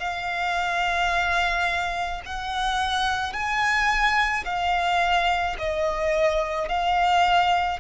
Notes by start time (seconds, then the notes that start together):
0.00 F5
2.26 F#5
3.33 G#5
4.45 F5
5.59 D#5
6.69 F5